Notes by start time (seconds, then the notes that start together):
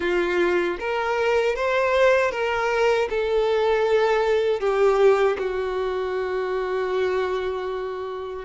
0.00 F4
0.79 A#4
1.55 C5
2.31 A#4
3.09 A4
4.59 G4
5.38 F#4